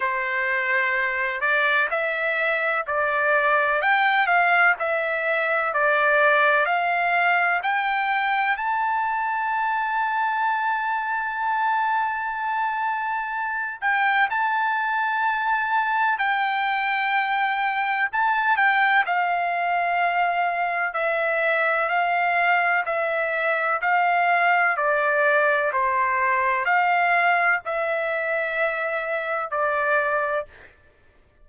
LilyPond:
\new Staff \with { instrumentName = "trumpet" } { \time 4/4 \tempo 4 = 63 c''4. d''8 e''4 d''4 | g''8 f''8 e''4 d''4 f''4 | g''4 a''2.~ | a''2~ a''8 g''8 a''4~ |
a''4 g''2 a''8 g''8 | f''2 e''4 f''4 | e''4 f''4 d''4 c''4 | f''4 e''2 d''4 | }